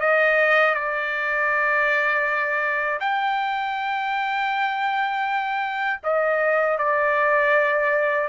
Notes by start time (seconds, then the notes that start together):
0.00 D#5
0.74 D5
3.00 G5
6.03 D#5
6.78 D5